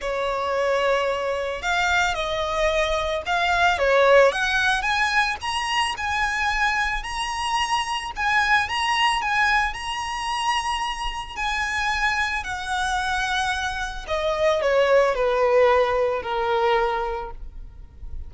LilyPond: \new Staff \with { instrumentName = "violin" } { \time 4/4 \tempo 4 = 111 cis''2. f''4 | dis''2 f''4 cis''4 | fis''4 gis''4 ais''4 gis''4~ | gis''4 ais''2 gis''4 |
ais''4 gis''4 ais''2~ | ais''4 gis''2 fis''4~ | fis''2 dis''4 cis''4 | b'2 ais'2 | }